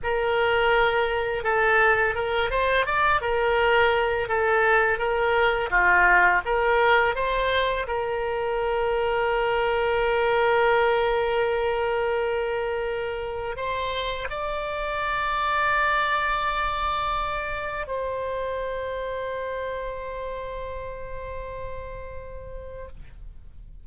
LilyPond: \new Staff \with { instrumentName = "oboe" } { \time 4/4 \tempo 4 = 84 ais'2 a'4 ais'8 c''8 | d''8 ais'4. a'4 ais'4 | f'4 ais'4 c''4 ais'4~ | ais'1~ |
ais'2. c''4 | d''1~ | d''4 c''2.~ | c''1 | }